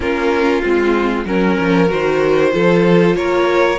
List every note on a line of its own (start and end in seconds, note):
0.00 0.62 A#3
0.00 0.63 C#4
0.00 1.24 F4
0.00 0.62 A#4
0.62 1.25 G#3
0.62 1.26 C4
0.62 1.25 F4
1.25 1.56 F#3
1.25 1.87 C#4
1.25 2.52 A#4
1.25 1.90 A#4
1.59 1.91 F3
1.87 2.54 D#3
1.87 2.51 F#4
1.87 3.16 C5
2.51 3.15 F3
2.51 3.77 F4
2.51 3.17 A4
3.15 3.78 A#3
3.15 3.78 A#4
3.15 3.78 C#5